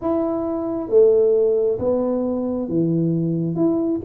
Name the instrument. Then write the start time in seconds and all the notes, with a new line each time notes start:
tuba
0.01 E4
0.89 A3
1.79 B3
2.68 E3
3.55 E4